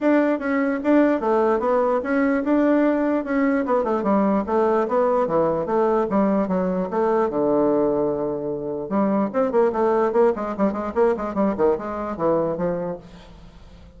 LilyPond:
\new Staff \with { instrumentName = "bassoon" } { \time 4/4 \tempo 4 = 148 d'4 cis'4 d'4 a4 | b4 cis'4 d'2 | cis'4 b8 a8 g4 a4 | b4 e4 a4 g4 |
fis4 a4 d2~ | d2 g4 c'8 ais8 | a4 ais8 gis8 g8 gis8 ais8 gis8 | g8 dis8 gis4 e4 f4 | }